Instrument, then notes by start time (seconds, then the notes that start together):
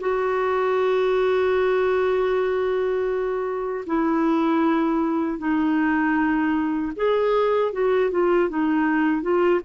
clarinet
0.00 F#4
3.86 E4
5.38 D#4
6.96 G#4
7.72 F#4
8.10 F4
8.49 D#4
9.22 F4